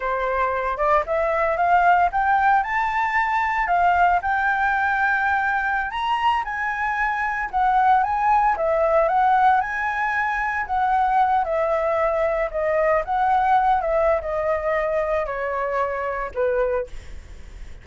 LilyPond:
\new Staff \with { instrumentName = "flute" } { \time 4/4 \tempo 4 = 114 c''4. d''8 e''4 f''4 | g''4 a''2 f''4 | g''2.~ g''16 ais''8.~ | ais''16 gis''2 fis''4 gis''8.~ |
gis''16 e''4 fis''4 gis''4.~ gis''16~ | gis''16 fis''4. e''2 dis''16~ | dis''8. fis''4. e''8. dis''4~ | dis''4 cis''2 b'4 | }